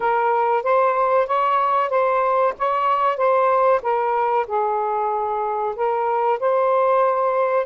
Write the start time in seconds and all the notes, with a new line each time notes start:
0.00 A#4
0.63 C5
1.26 C#5
1.89 C5
2.58 C#5
3.17 C5
3.82 A#4
4.47 G#4
5.75 A#4
6.39 C5